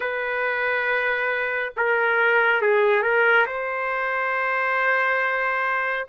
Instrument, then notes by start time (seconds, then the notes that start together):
trumpet
0.00 B4
1.76 A#4
2.61 G#4
3.02 A#4
3.46 C5